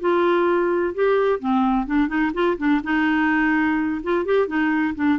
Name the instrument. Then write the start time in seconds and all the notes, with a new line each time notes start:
clarinet
0.00 F4
0.95 G4
1.40 C4
1.87 D4
2.08 D#4
2.34 F4
2.58 D4
2.84 D#4
4.03 F4
4.25 G4
4.47 D#4
4.95 D4